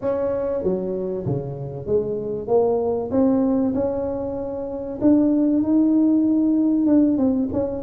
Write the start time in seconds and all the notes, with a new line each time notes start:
0.01 C#4
0.63 F#3
1.26 C#3
1.86 G#3
2.47 A#3
3.11 C4
3.74 C#4
5.01 D4
5.62 D#4
6.86 D4
7.17 C4
7.52 C#4